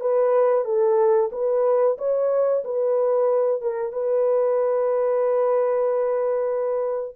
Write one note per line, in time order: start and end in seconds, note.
0.00 0.65 B4
0.65 1.30 A4
1.32 1.97 B4
1.98 2.63 C#5
2.64 3.61 B4
3.61 3.92 A#4
3.92 7.16 B4